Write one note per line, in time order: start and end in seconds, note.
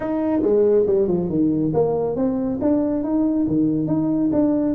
0.00 0.42 D#4
0.42 0.85 G#3
0.86 1.07 G3
1.07 1.29 F3
1.29 1.72 D#3
1.73 2.16 A#3
2.16 2.59 C4
2.61 3.03 D4
3.03 3.46 D#4
3.47 3.87 D#3
3.87 4.30 D#4
4.32 4.74 D4